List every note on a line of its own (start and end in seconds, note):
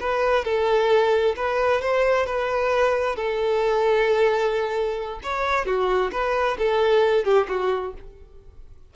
0.00 0.44 B4
0.44 1.35 A4
1.36 1.82 B4
1.82 2.26 C5
2.26 3.16 B4
3.16 5.20 A4
5.23 5.66 C#5
5.66 6.11 F#4
6.12 6.57 B4
6.58 7.25 A4
7.25 7.47 G4
7.48 7.94 F#4